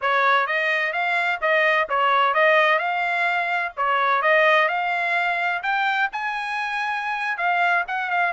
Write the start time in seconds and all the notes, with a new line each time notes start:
0.01 C#5
0.46 D#5
0.92 F5
1.41 D#5
1.89 C#5
2.34 D#5
2.78 F5
3.76 C#5
4.22 D#5
4.68 F5
5.62 G5
6.12 G#5
7.37 F5
7.87 F#5
8.10 F5